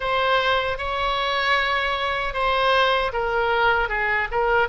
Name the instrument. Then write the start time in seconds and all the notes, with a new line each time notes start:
oboe
0.00 C5
0.78 C#5
2.33 C5
3.12 A#4
3.89 G#4
4.31 A#4